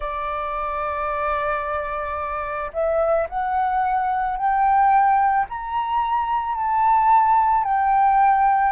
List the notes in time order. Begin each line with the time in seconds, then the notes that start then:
0.00 D5
2.73 E5
3.29 F#5
4.36 G5
5.48 A#5
6.55 A5
7.64 G5